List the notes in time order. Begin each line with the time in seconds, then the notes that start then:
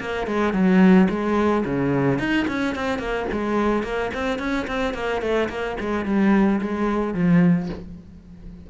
0.00 A#3
0.27 G#3
0.53 F#3
1.09 G#3
1.65 C#3
2.19 D#4
2.47 C#4
2.75 C4
2.98 A#3
3.32 G#3
3.83 A#3
4.14 C4
4.39 C#4
4.67 C4
4.94 A#3
5.21 A3
5.49 A#3
5.80 G#3
6.05 G3
6.61 G#3
7.14 F3